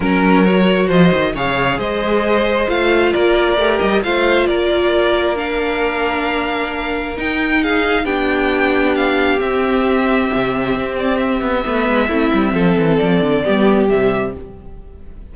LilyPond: <<
  \new Staff \with { instrumentName = "violin" } { \time 4/4 \tempo 4 = 134 ais'4 cis''4 dis''4 f''4 | dis''2 f''4 d''4~ | d''8 dis''8 f''4 d''2 | f''1 |
g''4 f''4 g''2 | f''4 e''2.~ | e''8 d''8 e''2.~ | e''4 d''2 e''4 | }
  \new Staff \with { instrumentName = "violin" } { \time 4/4 ais'2 c''4 cis''4 | c''2. ais'4~ | ais'4 c''4 ais'2~ | ais'1~ |
ais'4 gis'4 g'2~ | g'1~ | g'2 b'4 e'4 | a'2 g'2 | }
  \new Staff \with { instrumentName = "viola" } { \time 4/4 cis'4 fis'2 gis'4~ | gis'2 f'2 | g'4 f'2. | d'1 |
dis'2 d'2~ | d'4 c'2.~ | c'2 b4 c'4~ | c'2 b4 g4 | }
  \new Staff \with { instrumentName = "cello" } { \time 4/4 fis2 f8 dis8 cis4 | gis2 a4 ais4 | a8 g8 a4 ais2~ | ais1 |
dis'2 b2~ | b4 c'2 c4 | c'4. b8 a8 gis8 a8 g8 | f8 e8 f8 d8 g4 c4 | }
>>